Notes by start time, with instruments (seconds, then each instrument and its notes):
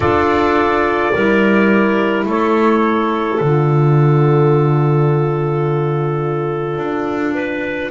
0.00 double bass D4, saxophone F4, clarinet A4, trumpet D5
1.14 double bass G3, saxophone E4, clarinet A#4
2.26 double bass A3, clarinet A4, trumpet C#5
3.38 double bass D3, saxophone F4, trumpet D5
6.78 double bass D4
7.34 clarinet B4